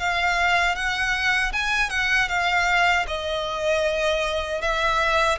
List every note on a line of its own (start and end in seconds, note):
0.00 0.76 F5
0.76 1.52 F#5
1.53 1.90 G#5
1.90 2.29 F#5
2.29 3.06 F5
3.08 4.62 D#5
4.62 5.39 E5